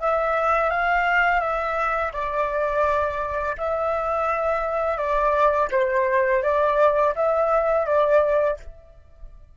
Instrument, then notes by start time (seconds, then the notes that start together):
flute
0.00 E5
0.71 F5
1.41 E5
2.13 D5
3.58 E5
4.98 D5
5.72 C5
6.43 D5
7.16 E5
7.86 D5